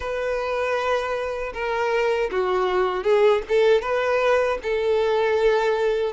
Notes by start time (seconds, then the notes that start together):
0.00 B4
1.53 A#4
2.31 F#4
3.03 G#4
3.48 A4
3.81 B4
4.62 A4